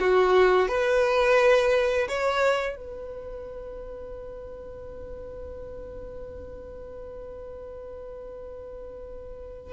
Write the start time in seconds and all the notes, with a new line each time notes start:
0.00 F#4
0.68 B4
2.08 C#5
2.77 B4